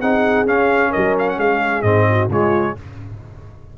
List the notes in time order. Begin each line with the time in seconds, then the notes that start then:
0.00 C4 D#4 G#4 F#5
0.46 C#4 F5
0.91 A#4 D#5
0.97 F#3
1.19 F5
1.29 F#5
1.38 G#3 G#4 F5
1.83 G#2 C4 D#5
2.10 F#4
2.29 C#3 G#3 F4 C#5